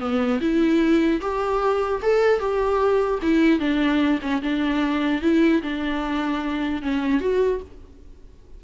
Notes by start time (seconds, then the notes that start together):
0.00 B3
0.41 E4
1.21 G4
2.03 A4
2.40 G4
3.23 E4
3.60 D4
4.22 C#4
4.43 D4
5.22 E4
5.63 D4
6.83 C#4
7.21 F#4